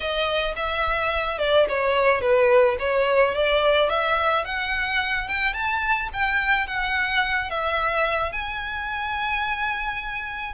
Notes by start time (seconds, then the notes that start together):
0.00 D#5
0.56 E5
1.38 D5
1.68 C#5
2.21 B4
2.79 C#5
3.34 D5
3.89 E5
4.44 F#5
5.28 G5
5.53 A5
6.13 G5
6.66 F#5
7.50 E5
8.32 G#5